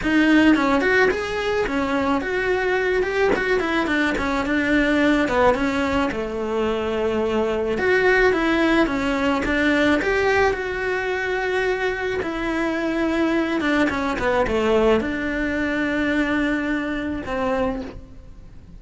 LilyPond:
\new Staff \with { instrumentName = "cello" } { \time 4/4 \tempo 4 = 108 dis'4 cis'8 fis'8 gis'4 cis'4 | fis'4. g'8 fis'8 e'8 d'8 cis'8 | d'4. b8 cis'4 a4~ | a2 fis'4 e'4 |
cis'4 d'4 g'4 fis'4~ | fis'2 e'2~ | e'8 d'8 cis'8 b8 a4 d'4~ | d'2. c'4 | }